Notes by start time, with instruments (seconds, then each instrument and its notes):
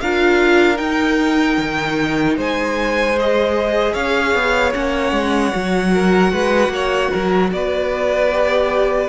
0.00 cello D4, viola F4, violin A#4 F5
0.76 viola D#4, cello D#4, violin G5
1.58 cello D#3
2.37 cello G#3, violin C5 G#5
3.17 viola G#4, violin D#5
3.93 cello C#4, violin C#5 F5
4.35 cello B3
4.73 cello A#3, viola C#4, violin F#5
5.12 cello G#3
5.53 cello F#3, viola F#4
5.93 violin A#4
6.32 cello G#3, violin B4
6.69 cello A#3, violin C#5
7.11 cello F#3, violin A#4
7.52 cello B3, violin B4 D5
8.32 viola G4